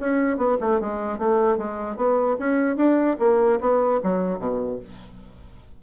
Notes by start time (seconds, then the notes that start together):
0.00 C#4
0.37 B3
0.60 A3
0.80 G#3
1.18 A3
1.58 G#3
1.97 B3
2.39 C#4
2.77 D4
3.19 A#3
3.60 B3
4.03 F#3
4.39 B2